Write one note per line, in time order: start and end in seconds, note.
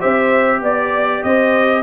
0.00 0.62 C4
0.00 1.83 G4
0.00 0.61 C5
0.00 0.63 E5
0.62 1.23 B3
0.62 1.24 D5
1.24 1.83 C4
1.24 1.83 C5
1.24 1.83 D#5